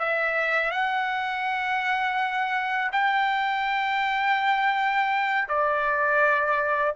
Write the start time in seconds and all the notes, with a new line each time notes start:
0.00 E5
0.72 F#5
2.93 G5
5.49 D5